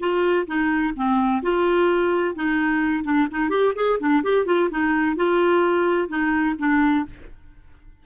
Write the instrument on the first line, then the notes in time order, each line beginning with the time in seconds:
clarinet
0.00 F4
0.47 D#4
0.96 C4
1.43 F4
2.36 D#4
3.04 D4
3.31 D#4
3.50 G4
3.76 G#4
4.00 D4
4.23 G4
4.46 F4
4.71 D#4
5.16 F4
6.09 D#4
6.59 D4